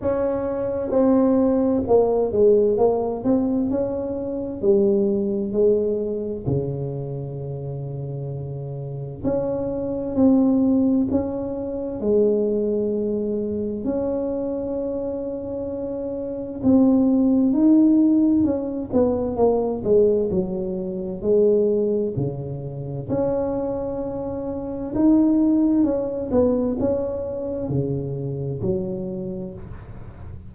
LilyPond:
\new Staff \with { instrumentName = "tuba" } { \time 4/4 \tempo 4 = 65 cis'4 c'4 ais8 gis8 ais8 c'8 | cis'4 g4 gis4 cis4~ | cis2 cis'4 c'4 | cis'4 gis2 cis'4~ |
cis'2 c'4 dis'4 | cis'8 b8 ais8 gis8 fis4 gis4 | cis4 cis'2 dis'4 | cis'8 b8 cis'4 cis4 fis4 | }